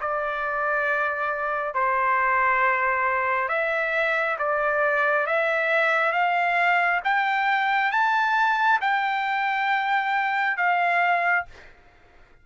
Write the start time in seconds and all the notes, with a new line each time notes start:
0.00 D5
1.74 C5
3.49 E5
4.38 D5
5.26 E5
6.12 F5
7.04 G5
7.91 A5
8.81 G5
10.57 F5